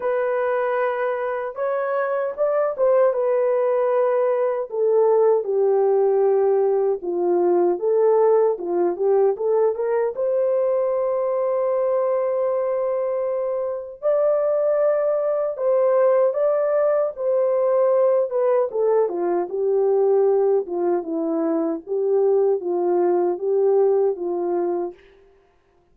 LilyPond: \new Staff \with { instrumentName = "horn" } { \time 4/4 \tempo 4 = 77 b'2 cis''4 d''8 c''8 | b'2 a'4 g'4~ | g'4 f'4 a'4 f'8 g'8 | a'8 ais'8 c''2.~ |
c''2 d''2 | c''4 d''4 c''4. b'8 | a'8 f'8 g'4. f'8 e'4 | g'4 f'4 g'4 f'4 | }